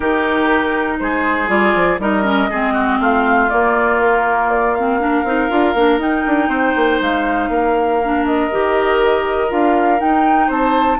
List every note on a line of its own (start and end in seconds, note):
0.00 0.99 D#3
0.00 1.47 D#4
0.00 0.97 G4
0.00 0.99 A#4
0.99 1.48 G#3
0.99 2.01 G#4
0.99 1.49 C5
1.47 1.73 G3
1.47 1.97 F4
1.47 1.99 D5
1.74 1.99 F3
1.99 2.49 G3
1.99 2.23 D#4
1.99 2.50 A#4
1.99 3.00 D#5
2.23 2.48 C#4
2.50 2.99 G#3
2.50 3.49 C4
2.50 2.73 G#4
2.73 2.98 F#4
2.99 3.49 A3
2.99 5.00 F4
2.99 3.49 F5
3.49 4.74 A#3
3.49 5.23 A#3
3.49 3.99 D5
4.00 4.49 A#4
4.49 4.74 D5
4.74 4.99 C4
4.74 5.99 F5
4.99 5.24 D4
4.99 6.48 A#4
5.23 5.48 C4
5.23 5.49 D#4
5.49 5.74 D4
5.49 5.74 F4
5.74 5.98 A#3
5.74 5.99 D4
5.98 6.23 D#4
5.98 7.99 D#4
5.98 7.00 G5
6.26 6.48 D4
6.48 6.73 C4
6.48 7.48 C5
6.75 7.00 A#3
7.00 7.48 G#3
7.00 8.25 F5
7.48 8.48 A#3
7.48 10.47 A#4
8.04 8.51 D4
8.25 9.50 D#5
8.51 9.50 D#3
8.51 9.48 G4
9.48 10.00 D4
9.48 9.98 F4
9.48 10.00 F5
9.98 10.98 D#4
9.98 10.49 D#4
9.98 10.50 G5
10.47 10.99 C4
10.47 10.97 C5
10.47 10.99 A5